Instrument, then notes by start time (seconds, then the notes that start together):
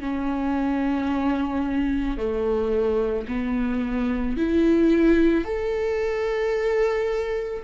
viola
0.00 C#4
2.17 A3
3.28 B3
4.37 E4
5.44 A4